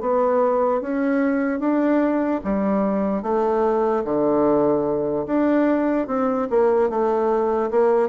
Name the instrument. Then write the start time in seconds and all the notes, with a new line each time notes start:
bassoon
0.00 B3
0.81 C#4
1.60 D4
2.44 G3
3.22 A3
4.04 D3
5.26 D4
6.07 C4
6.50 A#3
6.89 A3
7.70 A#3